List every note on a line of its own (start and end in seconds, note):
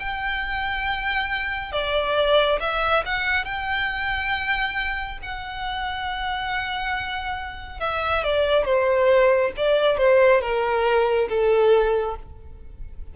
0.00 1.72 G5
1.72 2.59 D5
2.60 3.04 E5
3.06 3.45 F#5
3.45 5.19 G5
5.23 7.81 F#5
7.81 8.24 E5
8.24 8.65 D5
8.65 9.52 C5
9.57 9.98 D5
9.98 10.42 C5
10.42 11.28 A#4
11.29 12.16 A4